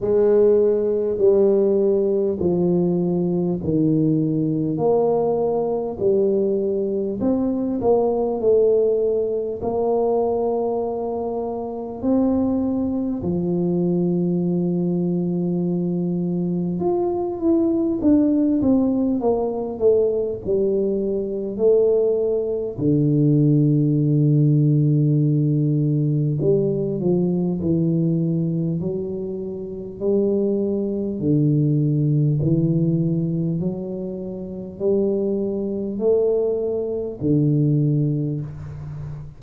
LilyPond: \new Staff \with { instrumentName = "tuba" } { \time 4/4 \tempo 4 = 50 gis4 g4 f4 dis4 | ais4 g4 c'8 ais8 a4 | ais2 c'4 f4~ | f2 f'8 e'8 d'8 c'8 |
ais8 a8 g4 a4 d4~ | d2 g8 f8 e4 | fis4 g4 d4 e4 | fis4 g4 a4 d4 | }